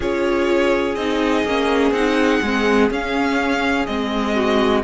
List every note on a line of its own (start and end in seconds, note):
0.00 0.95 C#4
0.00 0.97 F4
0.00 4.34 G#4
0.00 0.95 C#5
0.95 1.44 C4
0.95 1.46 D#4
0.95 1.92 D#5
1.45 1.91 A#3
1.45 1.94 C#4
1.91 2.39 C4
1.91 2.43 D#4
1.91 2.89 F#5
2.42 2.90 G#3
2.42 2.90 C4
2.90 3.87 C#4
2.90 3.85 F5
3.85 4.83 G#3
3.85 4.83 C4
3.85 4.82 D#5
4.34 4.83 F#4